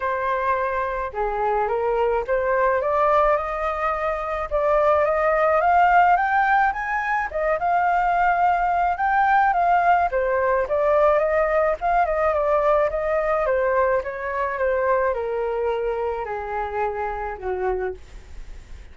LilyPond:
\new Staff \with { instrumentName = "flute" } { \time 4/4 \tempo 4 = 107 c''2 gis'4 ais'4 | c''4 d''4 dis''2 | d''4 dis''4 f''4 g''4 | gis''4 dis''8 f''2~ f''8 |
g''4 f''4 c''4 d''4 | dis''4 f''8 dis''8 d''4 dis''4 | c''4 cis''4 c''4 ais'4~ | ais'4 gis'2 fis'4 | }